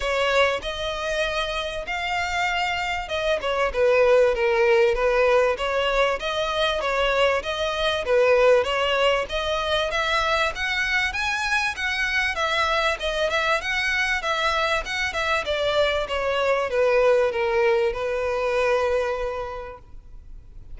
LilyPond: \new Staff \with { instrumentName = "violin" } { \time 4/4 \tempo 4 = 97 cis''4 dis''2 f''4~ | f''4 dis''8 cis''8 b'4 ais'4 | b'4 cis''4 dis''4 cis''4 | dis''4 b'4 cis''4 dis''4 |
e''4 fis''4 gis''4 fis''4 | e''4 dis''8 e''8 fis''4 e''4 | fis''8 e''8 d''4 cis''4 b'4 | ais'4 b'2. | }